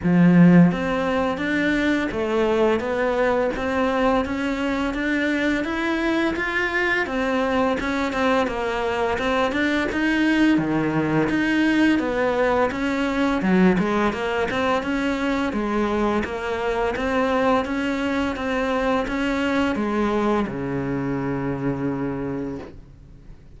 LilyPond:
\new Staff \with { instrumentName = "cello" } { \time 4/4 \tempo 4 = 85 f4 c'4 d'4 a4 | b4 c'4 cis'4 d'4 | e'4 f'4 c'4 cis'8 c'8 | ais4 c'8 d'8 dis'4 dis4 |
dis'4 b4 cis'4 fis8 gis8 | ais8 c'8 cis'4 gis4 ais4 | c'4 cis'4 c'4 cis'4 | gis4 cis2. | }